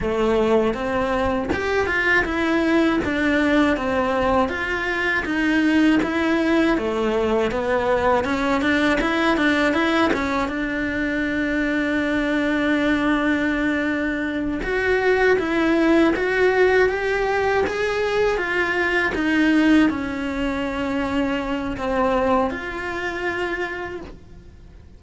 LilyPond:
\new Staff \with { instrumentName = "cello" } { \time 4/4 \tempo 4 = 80 a4 c'4 g'8 f'8 e'4 | d'4 c'4 f'4 dis'4 | e'4 a4 b4 cis'8 d'8 | e'8 d'8 e'8 cis'8 d'2~ |
d'2.~ d'8 fis'8~ | fis'8 e'4 fis'4 g'4 gis'8~ | gis'8 f'4 dis'4 cis'4.~ | cis'4 c'4 f'2 | }